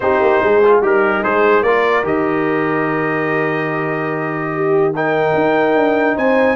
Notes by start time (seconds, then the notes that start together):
0.00 C4 D#4 G4 C5
0.20 A#3
0.42 G#3 G#4
0.64 F4
0.81 G3 D#4 G4 A#4
1.23 G#3 G#4 C5
1.62 A#3 F4 A#4 D5
2.03 D#3 G4 D#5
4.55 G4
4.95 D#4 A#4 G5
5.34 D#4
5.75 D4
6.16 C4 C5 G#5